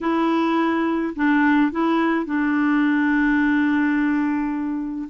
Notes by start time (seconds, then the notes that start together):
0.00 E4
1.15 D4
1.71 E4
2.25 D4